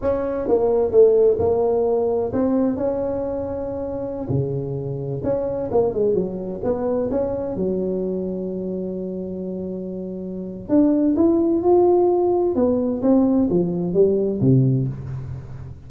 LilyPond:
\new Staff \with { instrumentName = "tuba" } { \time 4/4 \tempo 4 = 129 cis'4 ais4 a4 ais4~ | ais4 c'4 cis'2~ | cis'4~ cis'16 cis2 cis'8.~ | cis'16 ais8 gis8 fis4 b4 cis'8.~ |
cis'16 fis2.~ fis8.~ | fis2. d'4 | e'4 f'2 b4 | c'4 f4 g4 c4 | }